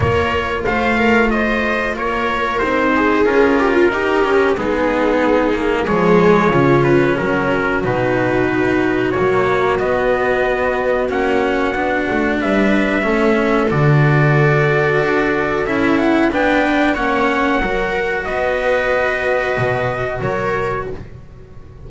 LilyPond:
<<
  \new Staff \with { instrumentName = "trumpet" } { \time 4/4 \tempo 4 = 92 cis''4 f''4 dis''4 cis''4 | c''4 ais'2 gis'4~ | gis'4 cis''4. b'8 ais'4 | b'2 cis''4 dis''4~ |
dis''4 fis''2 e''4~ | e''4 d''2. | e''8 fis''8 g''4 fis''2 | dis''2. cis''4 | }
  \new Staff \with { instrumentName = "viola" } { \time 4/4 ais'4 c''8 ais'8 c''4 ais'4~ | ais'8 gis'4 g'16 f'16 g'4 dis'4~ | dis'4 gis'4 f'4 fis'4~ | fis'1~ |
fis'2. b'4 | a'1~ | a'4 b'4 cis''4 ais'4 | b'2. ais'4 | }
  \new Staff \with { instrumentName = "cello" } { \time 4/4 f'1 | dis'4 f'4 dis'8 cis'8 b4~ | b8 ais8 gis4 cis'2 | dis'2 ais4 b4~ |
b4 cis'4 d'2 | cis'4 fis'2. | e'4 d'4 cis'4 fis'4~ | fis'1 | }
  \new Staff \with { instrumentName = "double bass" } { \time 4/4 ais4 a2 ais4 | c'4 cis'4 dis'4 gis4~ | gis4 f4 cis4 fis4 | b,2 fis4 b4~ |
b4 ais4 b8 a8 g4 | a4 d2 d'4 | cis'4 b4 ais4 fis4 | b2 b,4 fis4 | }
>>